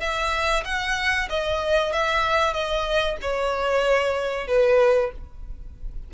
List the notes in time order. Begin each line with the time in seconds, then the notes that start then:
0.00 E5
0.64 F#5
1.29 D#5
1.92 E5
2.53 D#5
3.21 C#5
4.47 B4